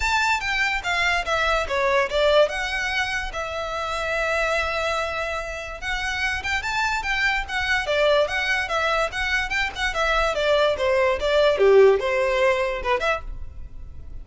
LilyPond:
\new Staff \with { instrumentName = "violin" } { \time 4/4 \tempo 4 = 145 a''4 g''4 f''4 e''4 | cis''4 d''4 fis''2 | e''1~ | e''2 fis''4. g''8 |
a''4 g''4 fis''4 d''4 | fis''4 e''4 fis''4 g''8 fis''8 | e''4 d''4 c''4 d''4 | g'4 c''2 b'8 e''8 | }